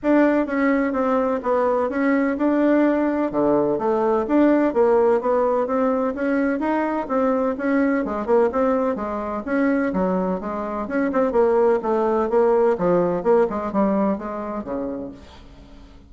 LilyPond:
\new Staff \with { instrumentName = "bassoon" } { \time 4/4 \tempo 4 = 127 d'4 cis'4 c'4 b4 | cis'4 d'2 d4 | a4 d'4 ais4 b4 | c'4 cis'4 dis'4 c'4 |
cis'4 gis8 ais8 c'4 gis4 | cis'4 fis4 gis4 cis'8 c'8 | ais4 a4 ais4 f4 | ais8 gis8 g4 gis4 cis4 | }